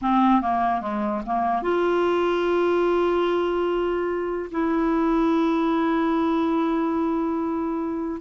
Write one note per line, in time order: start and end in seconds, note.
0.01 0.41 C4
0.41 0.81 A#3
0.81 1.22 G#3
1.26 1.62 A#3
1.62 4.50 F4
4.51 8.21 E4